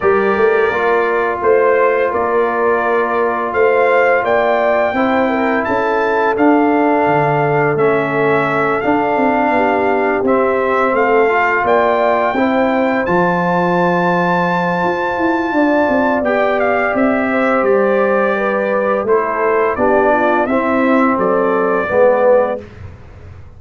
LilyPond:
<<
  \new Staff \with { instrumentName = "trumpet" } { \time 4/4 \tempo 4 = 85 d''2 c''4 d''4~ | d''4 f''4 g''2 | a''4 f''2 e''4~ | e''8 f''2 e''4 f''8~ |
f''8 g''2 a''4.~ | a''2. g''8 f''8 | e''4 d''2 c''4 | d''4 e''4 d''2 | }
  \new Staff \with { instrumentName = "horn" } { \time 4/4 ais'2 c''4 ais'4~ | ais'4 c''4 d''4 c''8 ais'8 | a'1~ | a'4. g'2 a'8~ |
a'8 d''4 c''2~ c''8~ | c''2 d''2~ | d''8 c''4. b'4 a'4 | g'8 f'8 e'4 a'4 b'4 | }
  \new Staff \with { instrumentName = "trombone" } { \time 4/4 g'4 f'2.~ | f'2. e'4~ | e'4 d'2 cis'4~ | cis'8 d'2 c'4. |
f'4. e'4 f'4.~ | f'2. g'4~ | g'2. e'4 | d'4 c'2 b4 | }
  \new Staff \with { instrumentName = "tuba" } { \time 4/4 g8 a8 ais4 a4 ais4~ | ais4 a4 ais4 c'4 | cis'4 d'4 d4 a4~ | a8 d'8 c'8 b4 c'4 a8~ |
a8 ais4 c'4 f4.~ | f4 f'8 e'8 d'8 c'8 b4 | c'4 g2 a4 | b4 c'4 fis4 gis4 | }
>>